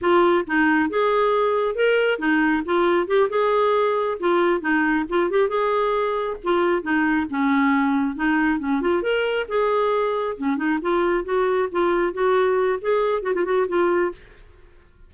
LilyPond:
\new Staff \with { instrumentName = "clarinet" } { \time 4/4 \tempo 4 = 136 f'4 dis'4 gis'2 | ais'4 dis'4 f'4 g'8 gis'8~ | gis'4. f'4 dis'4 f'8 | g'8 gis'2 f'4 dis'8~ |
dis'8 cis'2 dis'4 cis'8 | f'8 ais'4 gis'2 cis'8 | dis'8 f'4 fis'4 f'4 fis'8~ | fis'4 gis'4 fis'16 f'16 fis'8 f'4 | }